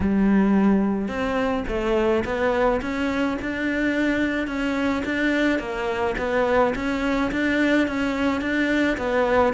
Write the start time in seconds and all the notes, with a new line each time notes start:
0.00 G3
1.08 C4
1.67 A3
2.24 B3
2.81 C#4
3.41 D4
4.47 C#4
5.05 D4
5.59 A#3
6.18 B3
6.75 C#4
7.31 D4
7.87 C#4
8.41 D4
8.97 B3